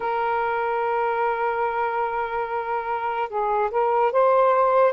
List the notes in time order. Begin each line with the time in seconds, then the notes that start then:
0.00 A#4
3.29 G#4
3.71 A#4
4.11 C5